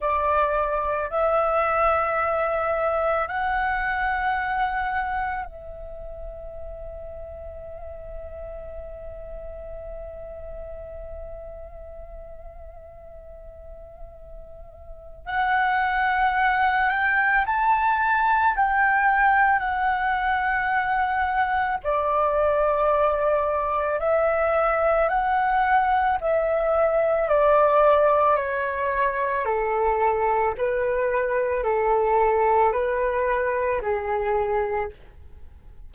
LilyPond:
\new Staff \with { instrumentName = "flute" } { \time 4/4 \tempo 4 = 55 d''4 e''2 fis''4~ | fis''4 e''2.~ | e''1~ | e''2 fis''4. g''8 |
a''4 g''4 fis''2 | d''2 e''4 fis''4 | e''4 d''4 cis''4 a'4 | b'4 a'4 b'4 gis'4 | }